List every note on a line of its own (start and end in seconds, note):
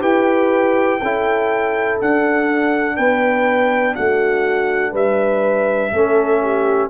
0.00 1.00 E4
0.00 0.98 G4
0.00 1.00 B4
0.00 1.99 G5
1.01 2.00 C#4
1.01 2.02 E4
1.01 2.96 A4
2.01 2.98 D4
2.01 5.94 D4
2.01 2.96 F#5
2.96 3.97 B3
2.96 3.95 B4
2.96 3.95 G5
3.95 4.93 A3
3.95 4.92 F#4
3.95 4.94 F#5
4.92 5.91 G3
4.92 5.90 B4
4.92 6.89 E5
5.91 6.89 A3
5.91 6.89 C#4
5.91 6.42 A4
6.42 6.89 G4